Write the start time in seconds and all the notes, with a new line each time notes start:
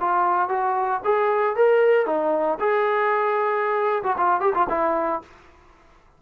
0.00 F4
0.49 F#4
1.05 G#4
1.56 A#4
2.06 D#4
2.59 G#4
4.03 F#4
4.18 F4
4.40 G4
4.54 F4
4.69 E4